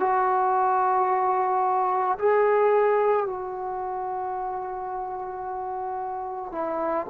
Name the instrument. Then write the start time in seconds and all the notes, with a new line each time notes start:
trombone
0.00 F#4
2.19 G#4
3.26 F#4
6.52 E4